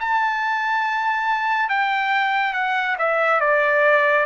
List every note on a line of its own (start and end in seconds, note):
0.00 1.69 A5
1.69 2.53 G5
2.53 2.96 F#5
2.98 3.40 E5
3.40 4.25 D5